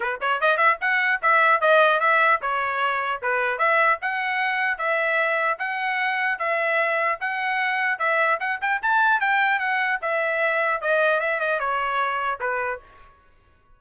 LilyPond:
\new Staff \with { instrumentName = "trumpet" } { \time 4/4 \tempo 4 = 150 b'8 cis''8 dis''8 e''8 fis''4 e''4 | dis''4 e''4 cis''2 | b'4 e''4 fis''2 | e''2 fis''2 |
e''2 fis''2 | e''4 fis''8 g''8 a''4 g''4 | fis''4 e''2 dis''4 | e''8 dis''8 cis''2 b'4 | }